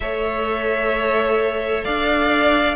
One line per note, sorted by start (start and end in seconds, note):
0.00 1.85 A3
0.00 2.75 A4
0.00 1.84 C#5
0.00 1.84 E5
1.84 2.75 D4
1.84 2.75 D5
1.84 2.75 F5